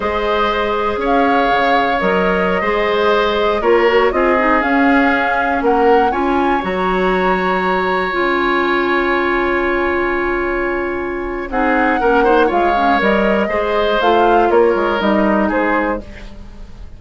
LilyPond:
<<
  \new Staff \with { instrumentName = "flute" } { \time 4/4 \tempo 4 = 120 dis''2 f''2 | dis''2.~ dis''16 cis''8.~ | cis''16 dis''4 f''2 fis''8.~ | fis''16 gis''4 ais''2~ ais''8.~ |
ais''16 gis''2.~ gis''8.~ | gis''2. fis''4~ | fis''4 f''4 dis''2 | f''4 cis''4 dis''4 c''4 | }
  \new Staff \with { instrumentName = "oboe" } { \time 4/4 c''2 cis''2~ | cis''4~ cis''16 c''2 ais'8.~ | ais'16 gis'2. ais'8.~ | ais'16 cis''2.~ cis''8.~ |
cis''1~ | cis''2. gis'4 | ais'8 c''8 cis''2 c''4~ | c''4 ais'2 gis'4 | }
  \new Staff \with { instrumentName = "clarinet" } { \time 4/4 gis'1 | ais'4~ ais'16 gis'2 f'8 fis'16~ | fis'16 f'8 dis'8 cis'2~ cis'8.~ | cis'16 f'4 fis'2~ fis'8.~ |
fis'16 f'2.~ f'8.~ | f'2. dis'4 | cis'8 dis'8 f'8 cis'8 ais'4 gis'4 | f'2 dis'2 | }
  \new Staff \with { instrumentName = "bassoon" } { \time 4/4 gis2 cis'4 cis4 | fis4~ fis16 gis2 ais8.~ | ais16 c'4 cis'2 ais8.~ | ais16 cis'4 fis2~ fis8.~ |
fis16 cis'2.~ cis'8.~ | cis'2. c'4 | ais4 gis4 g4 gis4 | a4 ais8 gis8 g4 gis4 | }
>>